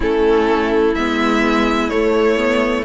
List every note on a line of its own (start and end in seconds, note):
0.00 0.95 A3
0.00 0.94 C#4
0.00 2.85 E4
0.00 0.94 A4
0.94 1.91 G#3
0.94 1.90 B3
0.94 1.89 E5
1.89 2.36 A3
1.89 2.85 A3
1.89 2.85 C#5
2.36 2.84 B3